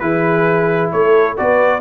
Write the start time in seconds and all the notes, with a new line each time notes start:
0.00 E3 E4 G#4 B4
0.92 A3 A4 C#5
1.38 B3 F#4 B4 D5